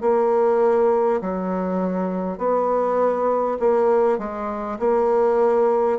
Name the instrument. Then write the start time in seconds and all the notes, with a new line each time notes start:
bassoon
0.00 A#3
1.21 F#3
2.38 B3
3.59 A#3
4.18 G#3
4.79 A#3